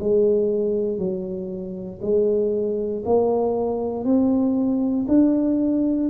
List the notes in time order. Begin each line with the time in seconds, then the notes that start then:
0.00 G#3
0.98 F#3
2.02 G#3
3.06 A#3
4.04 C4
5.08 D4